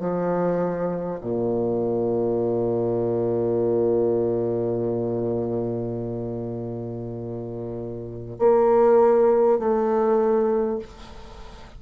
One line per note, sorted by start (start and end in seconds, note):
0.00 1.20 F3
1.21 8.39 A#2
8.39 9.59 A#3
9.59 10.79 A3